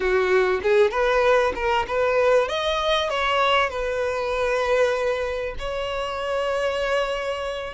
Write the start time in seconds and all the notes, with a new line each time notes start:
0.00 F#4
0.62 G#4
0.91 B4
1.55 A#4
1.87 B4
2.48 D#5
3.09 C#5
3.69 B4
5.58 C#5